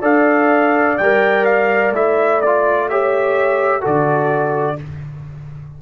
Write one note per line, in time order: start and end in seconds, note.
0.00 0.97 D4
0.00 0.97 A4
0.00 2.86 D5
0.00 0.97 F5
0.97 1.91 G3
0.97 1.95 A#4
0.97 1.45 G5
1.45 1.92 F5
1.91 3.82 A3
1.91 2.42 E4
1.91 2.41 E5
2.41 2.90 F4
2.41 2.89 D5
2.89 3.81 G4
2.89 3.81 C#5
2.89 3.85 E5
3.81 4.81 D3
3.81 4.76 F#4
3.81 4.76 A4
3.81 4.81 D5